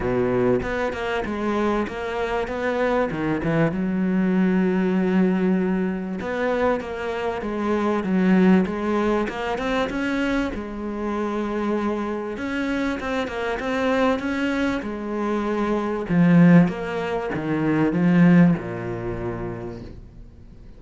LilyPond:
\new Staff \with { instrumentName = "cello" } { \time 4/4 \tempo 4 = 97 b,4 b8 ais8 gis4 ais4 | b4 dis8 e8 fis2~ | fis2 b4 ais4 | gis4 fis4 gis4 ais8 c'8 |
cis'4 gis2. | cis'4 c'8 ais8 c'4 cis'4 | gis2 f4 ais4 | dis4 f4 ais,2 | }